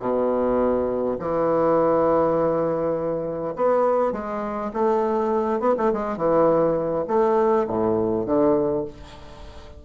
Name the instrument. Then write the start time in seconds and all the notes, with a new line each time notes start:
bassoon
0.00 B2
1.19 E3
3.56 B3
4.12 G#3
4.74 A3
5.60 B3
5.78 A3
5.93 G#3
6.17 E3
7.07 A3
7.67 A2
8.26 D3